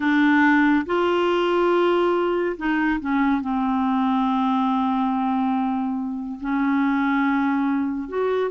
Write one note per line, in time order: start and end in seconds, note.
0.00 0.85 D4
0.86 2.56 F4
2.57 2.99 D#4
3.00 3.41 C#4
3.41 6.39 C4
6.40 8.08 C#4
8.08 8.50 F#4